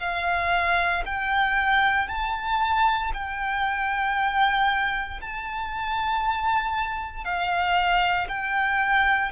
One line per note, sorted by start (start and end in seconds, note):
0.00 1.03 F5
1.06 2.08 G5
2.08 3.12 A5
3.14 5.21 G5
5.21 7.25 A5
7.25 8.28 F5
8.29 9.32 G5